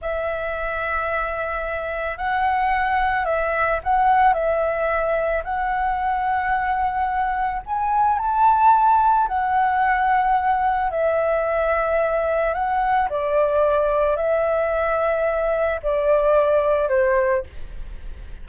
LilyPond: \new Staff \with { instrumentName = "flute" } { \time 4/4 \tempo 4 = 110 e''1 | fis''2 e''4 fis''4 | e''2 fis''2~ | fis''2 gis''4 a''4~ |
a''4 fis''2. | e''2. fis''4 | d''2 e''2~ | e''4 d''2 c''4 | }